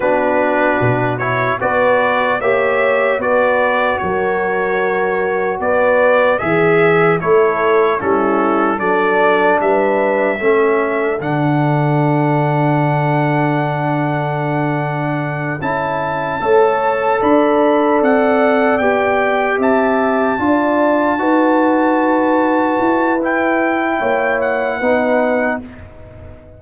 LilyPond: <<
  \new Staff \with { instrumentName = "trumpet" } { \time 4/4 \tempo 4 = 75 b'4. cis''8 d''4 e''4 | d''4 cis''2 d''4 | e''4 cis''4 a'4 d''4 | e''2 fis''2~ |
fis''2.~ fis''8 a''8~ | a''4. b''4 fis''4 g''8~ | g''8 a''2.~ a''8~ | a''4 g''4. fis''4. | }
  \new Staff \with { instrumentName = "horn" } { \time 4/4 fis'2 b'4 cis''4 | b'4 ais'2 b'4 | gis'4 a'4 e'4 a'4 | b'4 a'2.~ |
a'1~ | a'8 cis''4 d''2~ d''8~ | d''8 e''4 d''4 b'4.~ | b'2 cis''4 b'4 | }
  \new Staff \with { instrumentName = "trombone" } { \time 4/4 d'4. e'8 fis'4 g'4 | fis'1 | gis'4 e'4 cis'4 d'4~ | d'4 cis'4 d'2~ |
d'2.~ d'8 e'8~ | e'8 a'2. g'8~ | g'4. f'4 fis'4.~ | fis'4 e'2 dis'4 | }
  \new Staff \with { instrumentName = "tuba" } { \time 4/4 b4 b,4 b4 ais4 | b4 fis2 b4 | e4 a4 g4 fis4 | g4 a4 d2~ |
d2.~ d8 cis'8~ | cis'8 a4 d'4 c'4 b8~ | b8 c'4 d'4 dis'4.~ | dis'8 e'4. ais4 b4 | }
>>